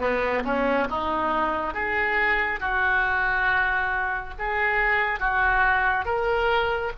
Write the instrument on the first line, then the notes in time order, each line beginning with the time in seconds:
oboe
0.00 B3
0.44 C#4
0.91 D#4
1.74 G#4
2.60 F#4
4.39 G#4
5.20 F#4
6.06 A#4